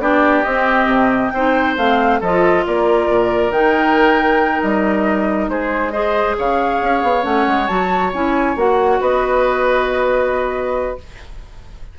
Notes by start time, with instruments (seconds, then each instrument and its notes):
0.00 bassoon B3, clarinet D4, oboe G4, flute D5
0.43 bassoon C4, clarinet C4, flute D#5
0.86 bassoon C3
1.30 bassoon C4, clarinet D#4, oboe C5, flute G5
1.77 bassoon A3, clarinet C4, flute F5
2.20 bassoon F3, clarinet F4, oboe A4, flute D#5
2.66 bassoon A#3, oboe A#4, flute D5
3.08 bassoon A#2
3.50 bassoon D#3, clarinet D#4, flute G5
4.61 bassoon G3, flute D#5
5.48 bassoon G#3, oboe G#4, flute C5
5.91 clarinet G#4, oboe C5, flute D#5
6.38 bassoon C#3, oboe C#5, flute F5
6.82 bassoon C#4
7.02 bassoon B3
7.22 bassoon A3, clarinet C#4, flute F#5
7.47 bassoon G#3
7.67 bassoon F#3, clarinet F#4, flute A5
8.13 bassoon C#4, clarinet E4, flute G#5
8.56 bassoon A#3, clarinet F#4, flute F#5
9.00 bassoon B3, oboe B4, flute D#5